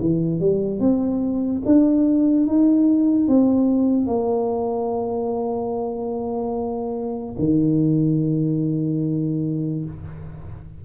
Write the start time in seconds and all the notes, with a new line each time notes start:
0.00 E3
0.40 G3
0.80 C4
1.65 D4
2.46 D#4
3.28 C4
4.06 A#3
7.38 D#3